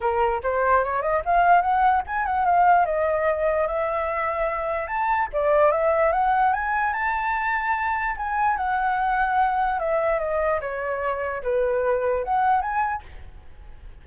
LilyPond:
\new Staff \with { instrumentName = "flute" } { \time 4/4 \tempo 4 = 147 ais'4 c''4 cis''8 dis''8 f''4 | fis''4 gis''8 fis''8 f''4 dis''4~ | dis''4 e''2. | a''4 d''4 e''4 fis''4 |
gis''4 a''2. | gis''4 fis''2. | e''4 dis''4 cis''2 | b'2 fis''4 gis''4 | }